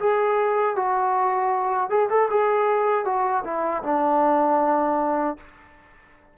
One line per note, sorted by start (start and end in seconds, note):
0.00 0.76 G#4
0.76 1.90 F#4
1.90 2.09 G#4
2.10 2.29 A4
2.30 3.05 G#4
3.05 3.44 F#4
3.45 3.83 E4
3.84 5.37 D4